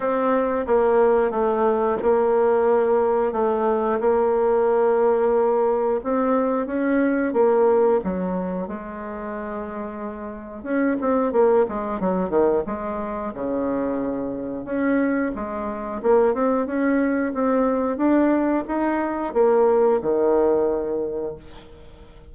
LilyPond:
\new Staff \with { instrumentName = "bassoon" } { \time 4/4 \tempo 4 = 90 c'4 ais4 a4 ais4~ | ais4 a4 ais2~ | ais4 c'4 cis'4 ais4 | fis4 gis2. |
cis'8 c'8 ais8 gis8 fis8 dis8 gis4 | cis2 cis'4 gis4 | ais8 c'8 cis'4 c'4 d'4 | dis'4 ais4 dis2 | }